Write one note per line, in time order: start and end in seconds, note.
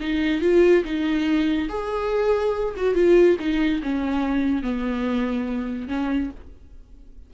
0.00 0.41 D#4
0.41 0.84 F4
0.84 1.68 D#4
1.69 2.74 G#4
2.77 2.94 F#4
2.94 3.37 F4
3.39 3.81 D#4
3.83 4.63 C#4
4.63 5.88 B3
5.88 6.30 C#4